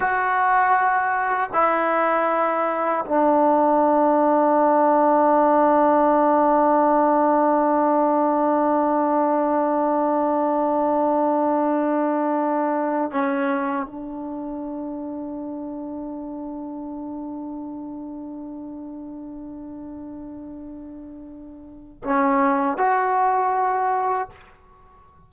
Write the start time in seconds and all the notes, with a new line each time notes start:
0.00 F#4
1.53 E4
3.05 D4
13.11 C#4
13.86 D4
22.04 C#4
22.77 F#4